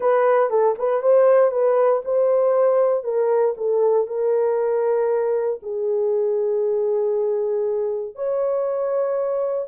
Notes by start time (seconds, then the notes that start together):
0.00 B4
0.49 A4
0.78 B4
1.02 C5
1.51 B4
2.04 C5
3.03 A#4
3.57 A4
4.07 A#4
5.62 G#4
8.15 C#5